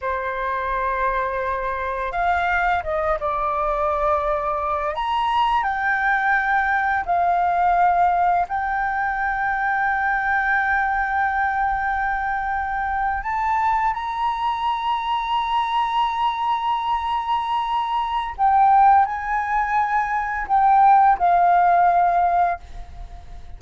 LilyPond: \new Staff \with { instrumentName = "flute" } { \time 4/4 \tempo 4 = 85 c''2. f''4 | dis''8 d''2~ d''8 ais''4 | g''2 f''2 | g''1~ |
g''2~ g''8. a''4 ais''16~ | ais''1~ | ais''2 g''4 gis''4~ | gis''4 g''4 f''2 | }